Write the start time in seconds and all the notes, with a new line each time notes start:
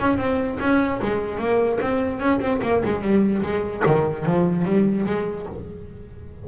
0.00 C#4
0.18 C4
0.60 C#4
1.02 G#3
1.39 A#3
1.82 C4
2.20 C#4
2.41 C4
2.63 A#3
2.85 G#3
3.02 G3
3.43 G#3
3.86 D#3
4.26 F3
4.65 G3
5.06 G#3